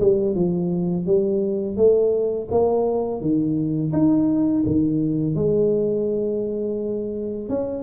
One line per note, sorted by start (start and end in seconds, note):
0.00 0.35 G3
0.35 1.06 F3
1.06 1.77 G3
1.77 2.48 A3
2.51 3.21 A#3
3.21 3.92 D#3
3.93 4.64 D#4
4.66 5.35 D#3
5.35 7.49 G#3
7.49 7.83 C#4